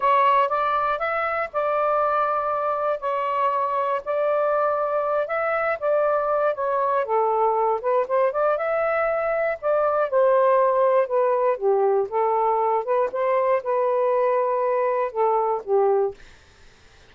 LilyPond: \new Staff \with { instrumentName = "saxophone" } { \time 4/4 \tempo 4 = 119 cis''4 d''4 e''4 d''4~ | d''2 cis''2 | d''2~ d''8 e''4 d''8~ | d''4 cis''4 a'4. b'8 |
c''8 d''8 e''2 d''4 | c''2 b'4 g'4 | a'4. b'8 c''4 b'4~ | b'2 a'4 g'4 | }